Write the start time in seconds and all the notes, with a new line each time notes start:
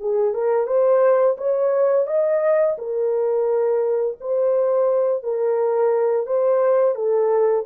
0.00 G#4
0.34 A#4
0.67 C5
1.38 C#5
2.07 D#5
2.78 A#4
4.20 C5
5.23 A#4
6.26 C5
6.95 A4